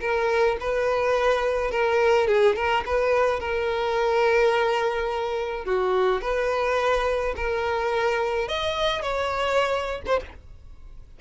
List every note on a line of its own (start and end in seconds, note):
0.00 0.57 A#4
0.60 1.71 B4
1.71 2.27 A#4
2.27 2.55 G#4
2.55 2.84 A#4
2.85 3.39 B4
3.39 5.64 A#4
5.64 6.21 F#4
6.21 7.34 B4
7.36 8.48 A#4
8.48 9.02 D#5
9.02 10.01 C#5
10.06 10.20 C5